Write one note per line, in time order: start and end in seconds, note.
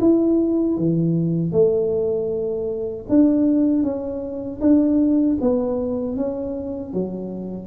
0.00 0.77 E4
0.77 1.52 E3
1.52 3.06 A3
3.08 3.83 D4
3.83 4.60 C#4
4.60 5.37 D4
5.41 6.16 B3
6.16 6.93 C#4
6.93 7.67 F#3